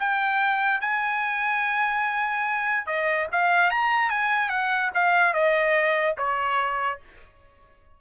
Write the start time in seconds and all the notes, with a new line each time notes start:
0.00 G5
0.81 G#5
2.87 D#5
3.33 F5
3.71 A#5
4.10 G#5
4.50 F#5
4.95 F5
5.34 D#5
6.18 C#5